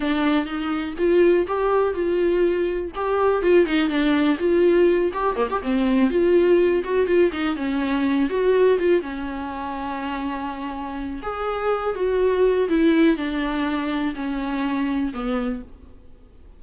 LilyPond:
\new Staff \with { instrumentName = "viola" } { \time 4/4 \tempo 4 = 123 d'4 dis'4 f'4 g'4 | f'2 g'4 f'8 dis'8 | d'4 f'4. g'8 ais16 g'16 c'8~ | c'8 f'4. fis'8 f'8 dis'8 cis'8~ |
cis'4 fis'4 f'8 cis'4.~ | cis'2. gis'4~ | gis'8 fis'4. e'4 d'4~ | d'4 cis'2 b4 | }